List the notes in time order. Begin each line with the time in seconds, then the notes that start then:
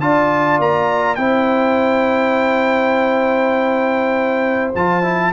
0.00 D4 F4 D5 A5
0.60 A#3 A#5
1.16 C4 E4 C5 G5
4.75 F3 F4 A5
5.03 E4